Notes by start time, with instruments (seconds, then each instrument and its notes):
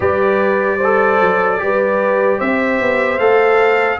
0.00 tuba G3, trombone G4, horn B4, trumpet D5
0.77 trombone A4, horn C5
1.20 tuba F#3
1.58 tuba G3, trombone G4, horn B4
2.38 tuba C4, horn C5, trumpet E5
2.80 tuba B3
3.19 tuba A3, trombone A4, trumpet F5